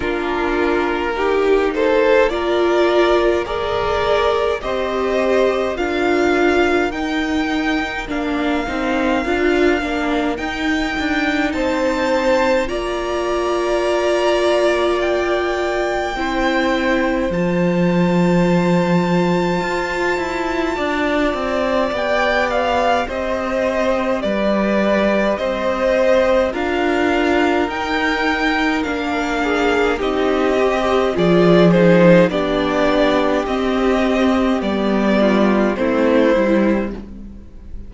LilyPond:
<<
  \new Staff \with { instrumentName = "violin" } { \time 4/4 \tempo 4 = 52 ais'4. c''8 d''4 ais'4 | dis''4 f''4 g''4 f''4~ | f''4 g''4 a''4 ais''4~ | ais''4 g''2 a''4~ |
a''2. g''8 f''8 | dis''4 d''4 dis''4 f''4 | g''4 f''4 dis''4 d''8 c''8 | d''4 dis''4 d''4 c''4 | }
  \new Staff \with { instrumentName = "violin" } { \time 4/4 f'4 g'8 a'8 ais'4 d''4 | c''4 ais'2.~ | ais'2 c''4 d''4~ | d''2 c''2~ |
c''2 d''2 | c''4 b'4 c''4 ais'4~ | ais'4. gis'8 g'4 gis'4 | g'2~ g'8 f'8 e'4 | }
  \new Staff \with { instrumentName = "viola" } { \time 4/4 d'4 dis'4 f'4 gis'4 | g'4 f'4 dis'4 d'8 dis'8 | f'8 d'8 dis'2 f'4~ | f'2 e'4 f'4~ |
f'2. g'4~ | g'2. f'4 | dis'4 d'4 dis'8 g'8 f'8 dis'8 | d'4 c'4 b4 c'8 e'8 | }
  \new Staff \with { instrumentName = "cello" } { \time 4/4 ais1 | c'4 d'4 dis'4 ais8 c'8 | d'8 ais8 dis'8 d'8 c'4 ais4~ | ais2 c'4 f4~ |
f4 f'8 e'8 d'8 c'8 b4 | c'4 g4 c'4 d'4 | dis'4 ais4 c'4 f4 | b4 c'4 g4 a8 g8 | }
>>